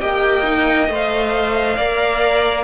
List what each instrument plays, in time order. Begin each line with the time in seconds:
0.00 cello A#3, viola G4, violin D#5 G5
0.43 viola D#4
0.88 cello A3, viola C5
0.95 violin F5
1.76 cello A#3, viola A#4, violin D5